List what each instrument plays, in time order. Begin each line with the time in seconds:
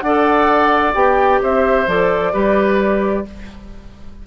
0.00 bassoon D4, clarinet A4, oboe D5, flute F#5
0.94 bassoon B3, clarinet G4, flute G5
1.42 bassoon C4, oboe C5, flute E5
1.87 bassoon F3, clarinet A4, flute D5
2.32 bassoon G3, clarinet G4, oboe B4